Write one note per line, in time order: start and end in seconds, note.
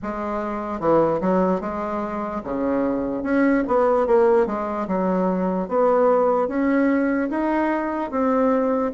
0.02 0.80 G#3
0.80 1.20 E3
1.21 1.60 F#3
1.60 2.41 G#3
2.43 3.23 C#3
3.23 3.63 C#4
3.67 4.07 B3
4.07 4.46 A#3
4.46 4.86 G#3
4.87 5.68 F#3
5.68 6.48 B3
6.48 7.29 C#4
7.30 8.10 D#4
8.10 8.92 C4